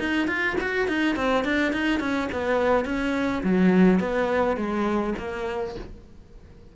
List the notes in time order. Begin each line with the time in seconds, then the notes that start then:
0.00 D#4
0.28 F4
0.61 F#4
0.88 D#4
1.16 C4
1.45 D4
1.73 D#4
2.01 C#4
2.33 B3
2.85 C#4
3.44 F#3
4.00 B3
4.57 G#3
5.19 A#3